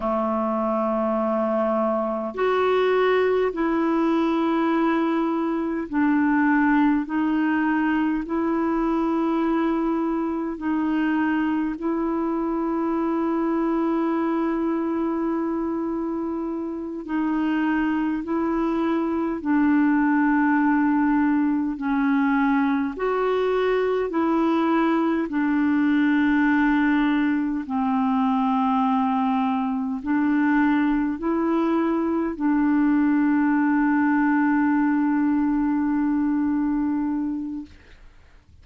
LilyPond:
\new Staff \with { instrumentName = "clarinet" } { \time 4/4 \tempo 4 = 51 a2 fis'4 e'4~ | e'4 d'4 dis'4 e'4~ | e'4 dis'4 e'2~ | e'2~ e'8 dis'4 e'8~ |
e'8 d'2 cis'4 fis'8~ | fis'8 e'4 d'2 c'8~ | c'4. d'4 e'4 d'8~ | d'1 | }